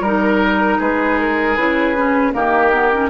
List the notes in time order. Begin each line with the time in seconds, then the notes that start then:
0.00 G3 D#4 A#4
0.78 G#3 G#4 B4
1.19 A#4
1.56 C#3 E4 B4
1.96 C#4
2.33 D#3 A#3 G4 A#4
2.73 B3
2.92 C#4